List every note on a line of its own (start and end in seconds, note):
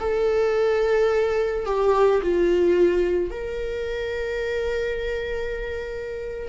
0.00 1.66 A4
1.66 2.21 G4
2.22 3.31 F4
3.31 6.49 A#4